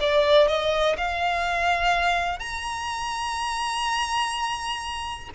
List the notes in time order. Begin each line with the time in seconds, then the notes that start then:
0.00 D5
0.48 D#5
0.97 F5
2.39 A#5